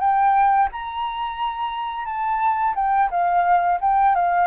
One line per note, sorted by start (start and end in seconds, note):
0.00 0.69 G5
0.72 2.05 A#5
2.05 2.74 A5
2.75 3.10 G5
3.10 3.79 F5
3.81 4.15 G5
4.15 4.47 F5